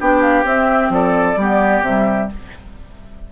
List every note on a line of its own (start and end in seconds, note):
0.00 0.44 B3
0.00 0.44 D4
0.00 0.93 G4
0.00 0.22 G5
0.22 0.45 F5
0.44 1.36 C4
0.44 0.90 C4
0.44 0.93 E5
0.90 1.36 F3
0.90 1.40 A4
0.90 1.84 D5
1.36 1.82 G3
1.36 1.85 B3
1.36 2.32 G4
1.82 2.28 C3
1.82 2.32 G3
1.82 2.31 E5